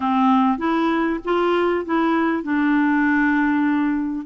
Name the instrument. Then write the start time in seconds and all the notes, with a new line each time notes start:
clarinet
0.00 C4
0.58 E4
1.24 F4
1.85 E4
2.43 D4